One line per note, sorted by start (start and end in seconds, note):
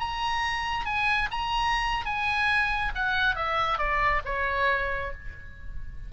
0.00 0.86 A#5
0.86 1.29 G#5
1.31 2.06 A#5
2.06 2.92 G#5
2.95 3.36 F#5
3.36 3.78 E5
3.78 4.22 D5
4.25 5.12 C#5